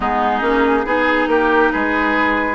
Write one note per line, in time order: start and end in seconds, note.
0.00 0.41 G#3
0.00 0.41 B3
0.00 0.86 D#4
0.00 1.29 G#4
0.41 0.84 A#3
0.41 0.83 C#4
0.85 1.27 B3
0.85 2.55 D#4
0.85 1.28 G#4
1.27 1.69 A#3
1.27 1.72 G4
1.27 1.71 A#4
1.71 2.55 G#3
1.71 2.55 G#4
1.71 2.55 B4